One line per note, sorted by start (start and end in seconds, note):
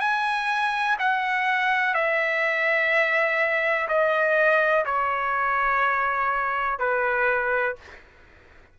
0.00 0.97 G#5
0.99 1.94 F#5
1.94 3.88 E5
3.88 4.85 D#5
4.86 6.79 C#5
6.79 7.76 B4